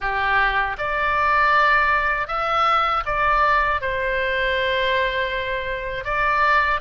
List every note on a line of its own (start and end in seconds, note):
0.00 0.76 G4
0.78 2.27 D5
2.27 3.03 E5
3.06 3.81 D5
3.81 6.04 C5
6.04 6.80 D5